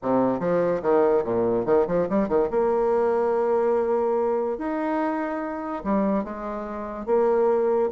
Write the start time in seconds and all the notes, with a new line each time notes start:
0.02 C3
0.39 F3
0.81 D#3
1.24 A#2
1.65 D#3
1.87 F3
2.09 G3
2.28 D#3
2.50 A#3
4.58 D#4
5.83 G3
6.23 G#3
7.06 A#3